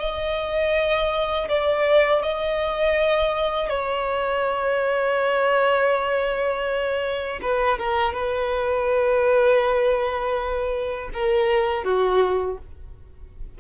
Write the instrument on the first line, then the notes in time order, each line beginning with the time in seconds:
violin
0.00 D#5
1.49 D5
2.23 D#5
3.69 C#5
7.42 B4
7.78 A#4
8.14 B4
11.13 A#4
11.84 F#4